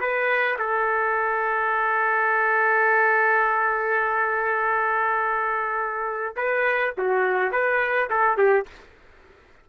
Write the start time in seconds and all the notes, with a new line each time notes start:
0.00 B4
0.58 A4
6.36 B4
6.98 F#4
7.52 B4
8.10 A4
8.37 G4